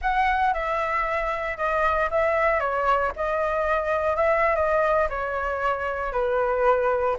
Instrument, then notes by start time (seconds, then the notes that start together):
flute
0.01 F#5
0.53 E5
1.57 D#5
2.10 E5
2.59 C#5
3.15 D#5
4.16 E5
4.55 D#5
5.09 C#5
6.12 B4